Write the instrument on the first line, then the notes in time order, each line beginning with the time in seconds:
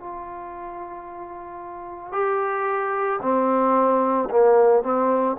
trombone
0.00 F4
2.12 G4
3.22 C4
4.30 A#3
4.83 C4